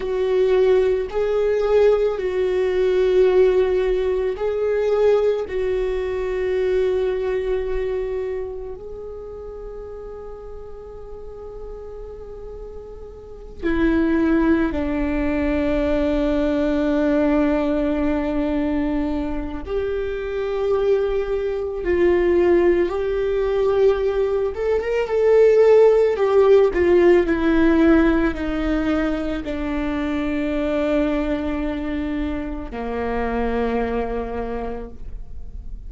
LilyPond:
\new Staff \with { instrumentName = "viola" } { \time 4/4 \tempo 4 = 55 fis'4 gis'4 fis'2 | gis'4 fis'2. | gis'1~ | gis'8 e'4 d'2~ d'8~ |
d'2 g'2 | f'4 g'4. a'16 ais'16 a'4 | g'8 f'8 e'4 dis'4 d'4~ | d'2 ais2 | }